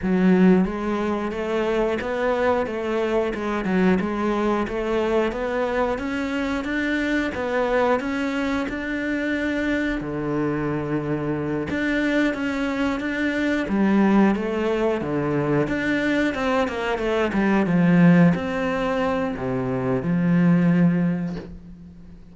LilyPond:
\new Staff \with { instrumentName = "cello" } { \time 4/4 \tempo 4 = 90 fis4 gis4 a4 b4 | a4 gis8 fis8 gis4 a4 | b4 cis'4 d'4 b4 | cis'4 d'2 d4~ |
d4. d'4 cis'4 d'8~ | d'8 g4 a4 d4 d'8~ | d'8 c'8 ais8 a8 g8 f4 c'8~ | c'4 c4 f2 | }